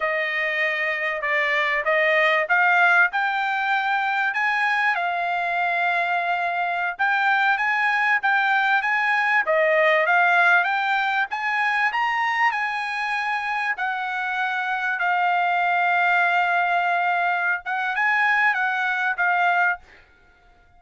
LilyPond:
\new Staff \with { instrumentName = "trumpet" } { \time 4/4 \tempo 4 = 97 dis''2 d''4 dis''4 | f''4 g''2 gis''4 | f''2.~ f''16 g''8.~ | g''16 gis''4 g''4 gis''4 dis''8.~ |
dis''16 f''4 g''4 gis''4 ais''8.~ | ais''16 gis''2 fis''4.~ fis''16~ | fis''16 f''2.~ f''8.~ | f''8 fis''8 gis''4 fis''4 f''4 | }